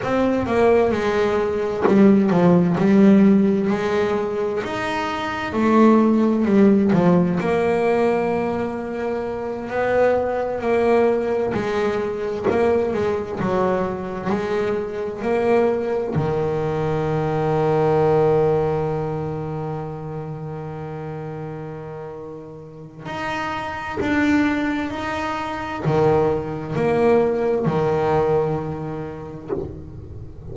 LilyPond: \new Staff \with { instrumentName = "double bass" } { \time 4/4 \tempo 4 = 65 c'8 ais8 gis4 g8 f8 g4 | gis4 dis'4 a4 g8 f8 | ais2~ ais8 b4 ais8~ | ais8 gis4 ais8 gis8 fis4 gis8~ |
gis8 ais4 dis2~ dis8~ | dis1~ | dis4 dis'4 d'4 dis'4 | dis4 ais4 dis2 | }